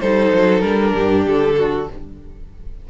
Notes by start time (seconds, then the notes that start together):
0.00 G3 D#4 A4 C5
0.33 F#3
0.60 G3 D4 A#4
0.94 G2 G4
1.26 D3 A4
1.57 F#4